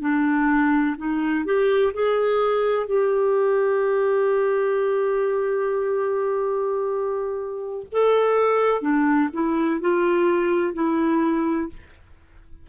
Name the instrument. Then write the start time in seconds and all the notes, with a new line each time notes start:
clarinet
0.00 D4
0.97 D#4
1.45 G4
1.93 G#4
2.87 G4
7.92 A4
8.81 D4
9.33 E4
9.81 F4
10.74 E4